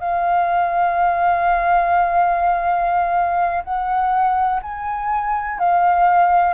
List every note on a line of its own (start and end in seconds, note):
0.00 3.63 F5
3.64 4.61 F#5
4.62 5.59 G#5
5.59 6.54 F5